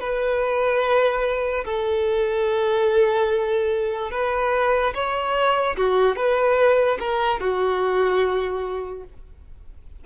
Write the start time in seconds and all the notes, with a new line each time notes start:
0.00 B4
1.65 A4
4.11 B4
4.94 C#5
5.77 F#4
6.16 B4
6.99 A#4
7.40 F#4